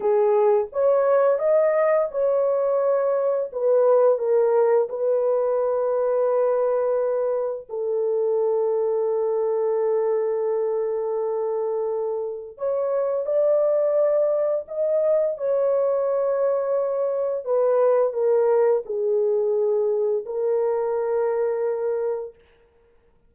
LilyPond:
\new Staff \with { instrumentName = "horn" } { \time 4/4 \tempo 4 = 86 gis'4 cis''4 dis''4 cis''4~ | cis''4 b'4 ais'4 b'4~ | b'2. a'4~ | a'1~ |
a'2 cis''4 d''4~ | d''4 dis''4 cis''2~ | cis''4 b'4 ais'4 gis'4~ | gis'4 ais'2. | }